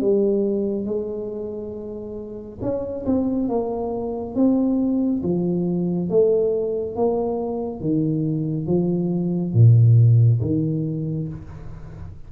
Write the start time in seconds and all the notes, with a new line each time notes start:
0.00 G3
0.85 G#3
2.61 C#4
3.06 C4
3.48 A#3
4.34 C4
5.23 F3
6.09 A3
6.96 A#3
7.80 D#3
8.66 F3
9.53 A#2
10.41 D#3